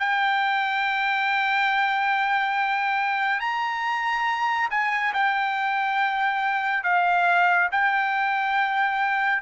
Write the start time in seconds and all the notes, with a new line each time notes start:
0.00 G5
3.41 A#5
4.71 G#5
5.14 G5
6.84 F5
7.72 G5